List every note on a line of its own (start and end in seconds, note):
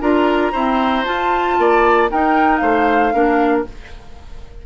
0.00 0.52 D4
0.00 0.52 F4
0.00 0.52 A#4
0.00 1.04 A#5
0.52 1.05 C4
0.52 1.05 E4
0.52 1.56 C5
1.04 2.09 F4
1.04 1.58 F4
1.04 2.09 A5
1.58 2.10 A#3
1.58 2.10 D5
2.09 3.12 D#4
2.09 2.61 D#4
2.09 2.61 A#4
2.09 2.57 G5
2.57 3.13 A3
2.57 3.13 C5
2.57 3.61 F5
3.12 3.65 A#3
3.12 3.64 D4
3.12 3.65 A#4